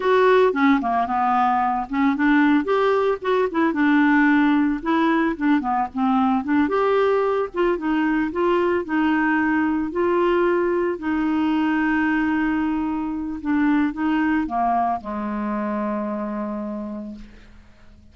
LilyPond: \new Staff \with { instrumentName = "clarinet" } { \time 4/4 \tempo 4 = 112 fis'4 cis'8 ais8 b4. cis'8 | d'4 g'4 fis'8 e'8 d'4~ | d'4 e'4 d'8 b8 c'4 | d'8 g'4. f'8 dis'4 f'8~ |
f'8 dis'2 f'4.~ | f'8 dis'2.~ dis'8~ | dis'4 d'4 dis'4 ais4 | gis1 | }